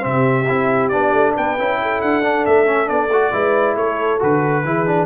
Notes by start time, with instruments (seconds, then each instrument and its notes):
0.00 tuba C3, trombone C4, trumpet E5
0.07 horn G4
0.48 tuba C4, trombone E4
0.88 tuba B3, trombone D4, trumpet D5
1.12 tuba A3
1.34 tuba B3, horn B4, trumpet G5
1.58 tuba C#4, trombone E4
1.81 horn A4
2.01 tuba D4, trumpet F#5
2.22 trombone D4
2.45 tuba A3, trumpet E5
2.66 trombone C#4
2.85 tuba B3, trombone D4, trumpet D5
3.09 tuba A3, trombone F#4
3.32 tuba G#3, trombone E4, horn B4
3.75 tuba A3, horn A4, trumpet C#5
4.19 tuba D3, trombone F#4, trumpet B4
4.64 tuba E3, trombone E4, horn G#4
4.86 trombone D4